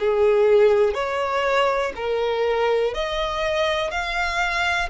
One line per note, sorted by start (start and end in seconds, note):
0.00 0.95 G#4
0.95 1.93 C#5
1.96 2.95 A#4
2.95 3.92 D#5
3.92 4.90 F5